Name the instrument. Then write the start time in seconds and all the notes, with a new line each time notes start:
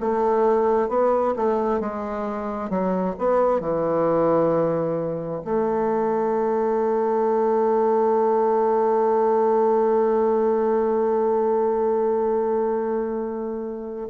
bassoon
0.00 A3
0.88 B3
1.36 A3
1.80 G#3
2.69 F#3
3.19 B3
3.60 E3
5.45 A3